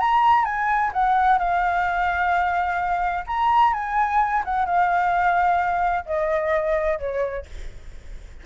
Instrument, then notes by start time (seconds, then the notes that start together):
flute
0.00 A#5
0.45 G#5
0.94 F#5
1.39 F5
3.27 A#5
3.74 G#5
4.45 F#5
4.66 F5
6.06 D#5
6.99 C#5